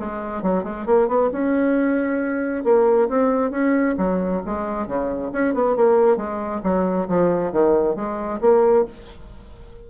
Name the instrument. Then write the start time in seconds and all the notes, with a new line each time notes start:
bassoon
0.00 G#3
0.43 F#3
0.64 G#3
0.86 A#3
1.08 B3
1.32 C#4
2.64 A#3
3.09 C4
3.51 C#4
3.98 F#3
4.46 G#3
4.87 C#3
5.33 C#4
5.54 B3
5.76 A#3
6.17 G#3
6.63 F#3
7.08 F3
7.52 D#3
7.96 G#3
8.41 A#3